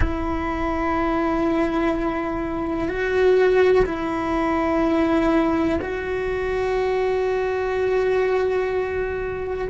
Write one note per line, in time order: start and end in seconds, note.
0.00 2.88 E4
2.88 3.85 F#4
3.85 5.79 E4
5.81 9.68 F#4